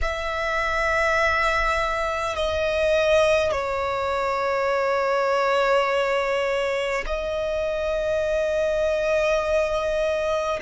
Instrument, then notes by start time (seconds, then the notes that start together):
violin
0.01 E5
2.36 D#5
3.51 C#5
7.06 D#5